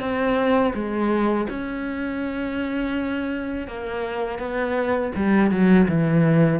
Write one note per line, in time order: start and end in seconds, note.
0.00 0.73 C4
0.74 1.47 G#3
1.49 3.68 C#4
3.68 4.39 A#3
4.39 5.12 B3
5.16 5.50 G3
5.50 5.87 F#3
5.88 6.60 E3